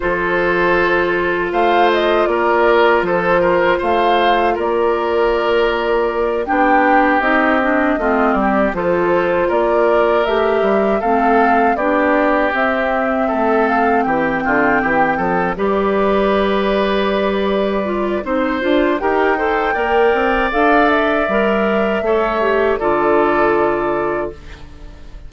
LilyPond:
<<
  \new Staff \with { instrumentName = "flute" } { \time 4/4 \tempo 4 = 79 c''2 f''8 dis''8 d''4 | c''4 f''4 d''2~ | d''8 g''4 dis''4. d''8 c''8~ | c''8 d''4 e''4 f''4 d''8~ |
d''8 e''4. f''8 g''4.~ | g''8 d''2.~ d''8 | c''4 g''2 f''8 e''8~ | e''2 d''2 | }
  \new Staff \with { instrumentName = "oboe" } { \time 4/4 a'2 c''4 ais'4 | a'8 ais'8 c''4 ais'2~ | ais'8 g'2 f'8 g'8 a'8~ | a'8 ais'2 a'4 g'8~ |
g'4. a'4 g'8 f'8 g'8 | a'8 b'2.~ b'8 | c''4 ais'8 c''8 d''2~ | d''4 cis''4 a'2 | }
  \new Staff \with { instrumentName = "clarinet" } { \time 4/4 f'1~ | f'1~ | f'8 d'4 dis'8 d'8 c'4 f'8~ | f'4. g'4 c'4 d'8~ |
d'8 c'2.~ c'8~ | c'8 g'2. f'8 | dis'8 f'8 g'8 a'8 ais'4 a'4 | ais'4 a'8 g'8 f'2 | }
  \new Staff \with { instrumentName = "bassoon" } { \time 4/4 f2 a4 ais4 | f4 a4 ais2~ | ais8 b4 c'4 a8 g8 f8~ | f8 ais4 a8 g8 a4 b8~ |
b8 c'4 a4 e8 d8 e8 | f8 g2.~ g8 | c'8 d'8 dis'4 ais8 c'8 d'4 | g4 a4 d2 | }
>>